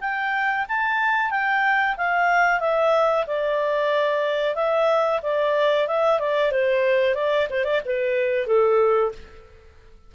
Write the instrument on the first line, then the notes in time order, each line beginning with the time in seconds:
clarinet
0.00 G5
0.68 A5
1.30 G5
1.97 F5
2.59 E5
3.26 D5
4.55 E5
5.22 D5
5.87 E5
6.19 D5
6.51 C5
7.15 D5
7.50 C5
7.64 D5
7.85 B4
8.46 A4